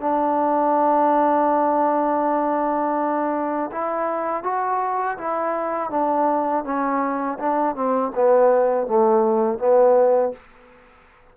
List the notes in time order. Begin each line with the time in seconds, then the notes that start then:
0.00 D4
3.71 E4
4.43 F#4
5.18 E4
5.90 D4
6.64 C#4
7.39 D4
7.75 C4
8.14 B3
8.87 A3
9.58 B3